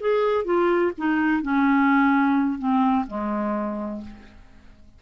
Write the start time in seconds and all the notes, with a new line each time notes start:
0.00 G#4
0.44 F4
0.97 D#4
1.42 C#4
2.58 C4
3.07 G#3